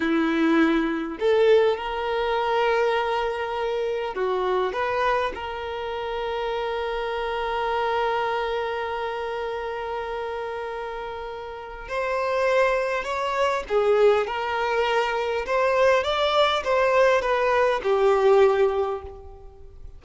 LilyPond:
\new Staff \with { instrumentName = "violin" } { \time 4/4 \tempo 4 = 101 e'2 a'4 ais'4~ | ais'2. fis'4 | b'4 ais'2.~ | ais'1~ |
ais'1 | c''2 cis''4 gis'4 | ais'2 c''4 d''4 | c''4 b'4 g'2 | }